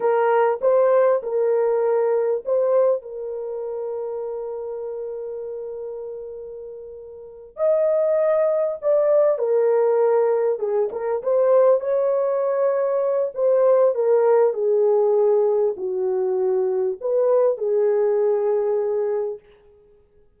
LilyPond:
\new Staff \with { instrumentName = "horn" } { \time 4/4 \tempo 4 = 99 ais'4 c''4 ais'2 | c''4 ais'2.~ | ais'1~ | ais'8 dis''2 d''4 ais'8~ |
ais'4. gis'8 ais'8 c''4 cis''8~ | cis''2 c''4 ais'4 | gis'2 fis'2 | b'4 gis'2. | }